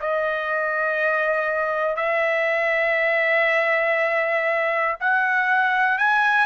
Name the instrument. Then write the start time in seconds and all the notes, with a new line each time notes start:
trumpet
0.00 D#5
1.96 E5
5.00 F#5
5.98 G#5